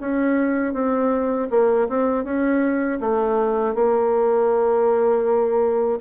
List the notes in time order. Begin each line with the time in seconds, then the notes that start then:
0.00 C#4
0.73 C4
1.50 A#3
1.89 C4
2.24 C#4
3.00 A3
3.74 A#3